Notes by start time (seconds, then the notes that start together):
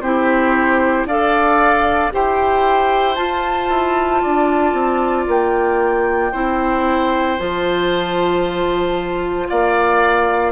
0.00 C4 E4 G4 C5
1.05 D4 A4 D5 F5
2.12 E4 G4 C5 G5
3.15 F4 A5
3.69 E4
4.22 D4 D5
4.73 C4
5.27 A#3 G5
6.32 C4 E4 C5
7.39 F3 F4 A5
9.48 A#3 D5 F5